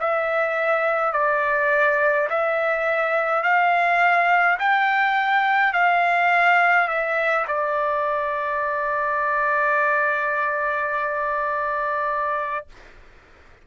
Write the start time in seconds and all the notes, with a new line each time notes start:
0.00 E5
1.13 D5
2.29 E5
3.43 F5
4.59 G5
5.73 F5
6.88 E5
7.47 D5